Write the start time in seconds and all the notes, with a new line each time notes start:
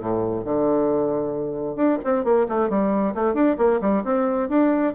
0.00 A2
0.45 D3
1.76 D4
2.04 C4
2.24 A#3
2.49 A3
2.69 G3
3.15 A3
3.34 D4
3.58 A#3
3.81 G3
4.04 C4
4.49 D4